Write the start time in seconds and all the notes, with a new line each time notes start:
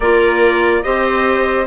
0.00 A#3 F4 A#4 D5
0.82 C4 G4 C5 D#5